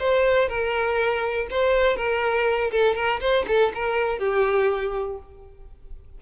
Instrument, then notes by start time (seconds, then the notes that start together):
violin
0.00 C5
0.49 A#4
1.51 C5
1.97 A#4
2.72 A4
2.96 A#4
3.21 C5
3.48 A4
3.75 A#4
4.19 G4